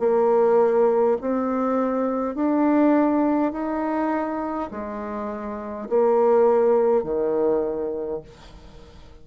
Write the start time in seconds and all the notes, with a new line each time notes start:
0.00 A#3
1.22 C4
2.36 D4
3.53 D#4
4.72 G#3
5.89 A#3
7.04 D#3